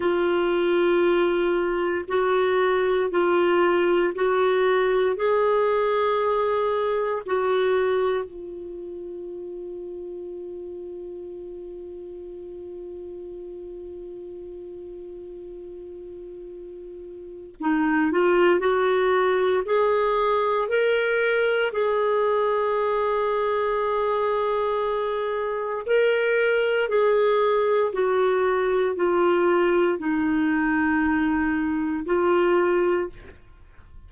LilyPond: \new Staff \with { instrumentName = "clarinet" } { \time 4/4 \tempo 4 = 58 f'2 fis'4 f'4 | fis'4 gis'2 fis'4 | f'1~ | f'1~ |
f'4 dis'8 f'8 fis'4 gis'4 | ais'4 gis'2.~ | gis'4 ais'4 gis'4 fis'4 | f'4 dis'2 f'4 | }